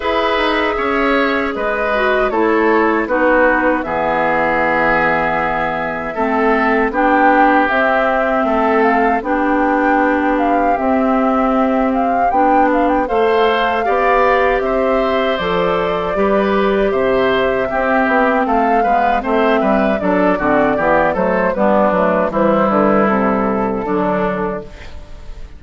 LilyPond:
<<
  \new Staff \with { instrumentName = "flute" } { \time 4/4 \tempo 4 = 78 e''2 dis''4 cis''4 | b'4 e''2.~ | e''4 g''4 e''4. f''8 | g''4. f''8 e''4. f''8 |
g''8 f''16 g''16 f''2 e''4 | d''2 e''2 | f''4 e''4 d''4. c''8 | b'4 c''8 b'8 a'2 | }
  \new Staff \with { instrumentName = "oboe" } { \time 4/4 b'4 cis''4 b'4 a'4 | fis'4 gis'2. | a'4 g'2 a'4 | g'1~ |
g'4 c''4 d''4 c''4~ | c''4 b'4 c''4 g'4 | a'8 b'8 c''8 b'8 a'8 fis'8 g'8 a'8 | d'4 e'2 d'4 | }
  \new Staff \with { instrumentName = "clarinet" } { \time 4/4 gis'2~ gis'8 fis'8 e'4 | dis'4 b2. | c'4 d'4 c'2 | d'2 c'2 |
d'4 a'4 g'2 | a'4 g'2 c'4~ | c'8 b8 c'4 d'8 c'8 b8 a8 | b8 a8 g2 fis4 | }
  \new Staff \with { instrumentName = "bassoon" } { \time 4/4 e'8 dis'8 cis'4 gis4 a4 | b4 e2. | a4 b4 c'4 a4 | b2 c'2 |
b4 a4 b4 c'4 | f4 g4 c4 c'8 b8 | a8 gis8 a8 g8 fis8 d8 e8 fis8 | g8 fis8 e8 d8 c4 d4 | }
>>